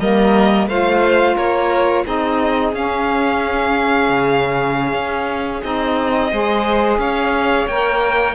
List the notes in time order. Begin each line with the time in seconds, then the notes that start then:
0.00 G3 A#3 A#4 D#5
0.67 A3 F4 C5 F5
1.36 A#3 A#4 C#5
2.05 C4 D#4 G#4 D#5
2.74 C#4 F5
4.09 C#3
4.93 C#4
5.63 C4 D#4 D#5
6.31 G#3 G#4 C5
6.98 C#4 C#5 F5
7.67 A#3 A#4 G5